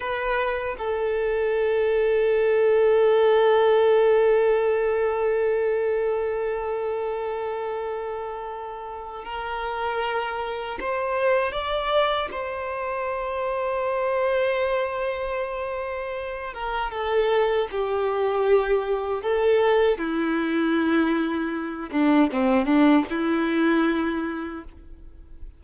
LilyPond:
\new Staff \with { instrumentName = "violin" } { \time 4/4 \tempo 4 = 78 b'4 a'2.~ | a'1~ | a'1 | ais'2 c''4 d''4 |
c''1~ | c''4. ais'8 a'4 g'4~ | g'4 a'4 e'2~ | e'8 d'8 c'8 d'8 e'2 | }